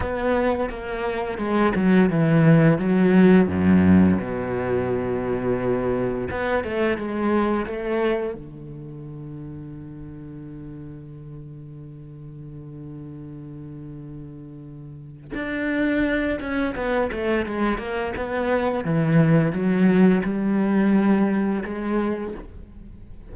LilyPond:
\new Staff \with { instrumentName = "cello" } { \time 4/4 \tempo 4 = 86 b4 ais4 gis8 fis8 e4 | fis4 fis,4 b,2~ | b,4 b8 a8 gis4 a4 | d1~ |
d1~ | d2 d'4. cis'8 | b8 a8 gis8 ais8 b4 e4 | fis4 g2 gis4 | }